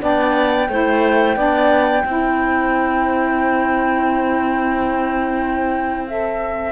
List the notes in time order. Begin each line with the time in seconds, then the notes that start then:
0.00 B3 D4 D5 G5
0.68 A3 E4 C5
1.36 B3 D4 D5
2.03 C4 E4 C5
6.07 A4 E5